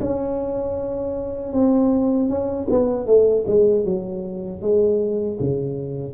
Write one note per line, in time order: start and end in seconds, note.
0.00 1.52 C#4
1.52 2.29 C4
2.29 2.67 C#4
2.70 3.06 B3
3.06 3.44 A3
3.47 3.84 G#3
3.84 4.61 F#3
4.61 5.38 G#3
5.40 6.13 C#3